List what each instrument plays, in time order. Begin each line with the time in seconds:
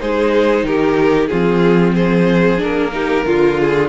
0.00 cello G#3, viola D#4, violin G#4 C5
0.63 cello D#3, violin G4 A#4
1.27 cello F3, viola C4, violin F4 G#4
1.93 violin G#4 C5
2.57 cello A#3, viola D4, violin A#4
2.92 viola D#4, violin G4
3.25 cello D3, viola F4, violin F4
3.60 violin G#4